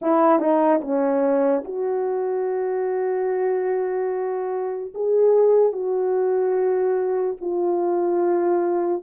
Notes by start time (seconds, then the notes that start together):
0.01 E4
0.39 D#4
0.81 C#4
1.64 F#4
4.94 G#4
5.72 F#4
7.40 F4